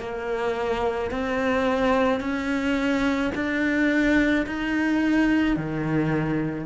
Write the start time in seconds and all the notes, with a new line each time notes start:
0.00 A#3
1.11 C4
2.21 C#4
3.35 D4
4.46 D#4
5.56 D#3